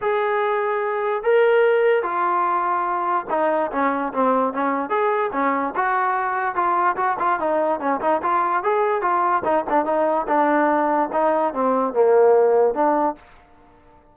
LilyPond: \new Staff \with { instrumentName = "trombone" } { \time 4/4 \tempo 4 = 146 gis'2. ais'4~ | ais'4 f'2. | dis'4 cis'4 c'4 cis'4 | gis'4 cis'4 fis'2 |
f'4 fis'8 f'8 dis'4 cis'8 dis'8 | f'4 gis'4 f'4 dis'8 d'8 | dis'4 d'2 dis'4 | c'4 ais2 d'4 | }